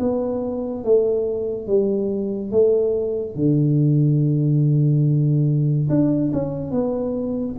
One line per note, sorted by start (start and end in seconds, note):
0.00 0.85 B3
0.85 1.67 A3
1.67 2.52 G3
2.52 3.36 A3
3.36 5.89 D3
5.90 6.32 D4
6.33 6.72 C#4
6.72 7.56 B3